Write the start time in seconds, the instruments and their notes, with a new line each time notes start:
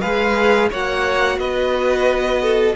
0.00 cello G#3, viola G#4, violin B4 F5
0.70 cello A#3, viola F#4, violin C#5 F#5
1.37 cello B3, violin B4 D#5
2.42 violin A4